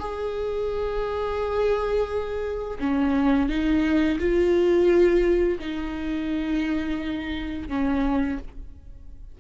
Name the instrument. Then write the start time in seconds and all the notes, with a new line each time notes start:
viola
0.00 G#4
2.80 C#4
3.49 D#4
4.20 F4
5.60 D#4
7.69 C#4